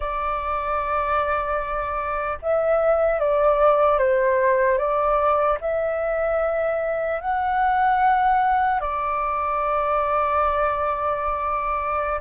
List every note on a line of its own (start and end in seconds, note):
0.00 2.38 D5
2.41 3.19 E5
3.19 3.98 D5
3.98 4.78 C5
4.78 5.58 D5
5.60 7.20 E5
7.20 8.80 F#5
8.80 12.20 D5